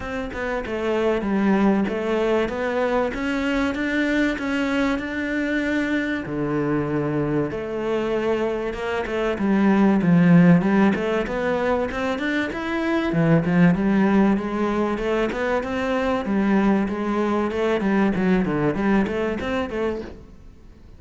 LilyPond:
\new Staff \with { instrumentName = "cello" } { \time 4/4 \tempo 4 = 96 c'8 b8 a4 g4 a4 | b4 cis'4 d'4 cis'4 | d'2 d2 | a2 ais8 a8 g4 |
f4 g8 a8 b4 c'8 d'8 | e'4 e8 f8 g4 gis4 | a8 b8 c'4 g4 gis4 | a8 g8 fis8 d8 g8 a8 c'8 a8 | }